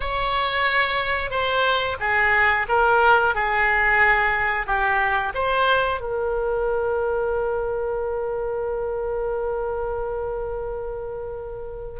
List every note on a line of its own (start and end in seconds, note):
0.00 1.30 C#5
1.30 1.97 C5
2.00 2.66 G#4
2.68 3.35 A#4
3.35 4.66 G#4
4.66 5.32 G4
5.34 6.00 C5
6.00 12.00 A#4